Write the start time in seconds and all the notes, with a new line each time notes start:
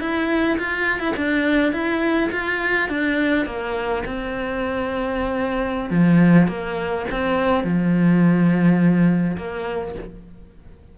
0.00 E4
0.58 F4
0.99 E4
1.16 D4
1.72 E4
2.32 F4
2.89 D4
3.46 A#3
4.05 C4
5.90 F3
6.47 A#3
7.11 C4
7.63 F3
9.37 A#3